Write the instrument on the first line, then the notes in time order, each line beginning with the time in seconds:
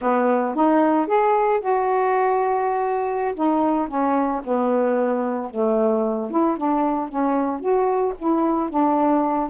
saxophone
0.01 B3
0.55 D#4
1.07 G#4
1.60 F#4
3.34 D#4
3.88 C#4
4.43 B3
5.50 A3
6.30 E4
6.57 D4
7.08 C#4
7.60 F#4
8.18 E4
8.69 D4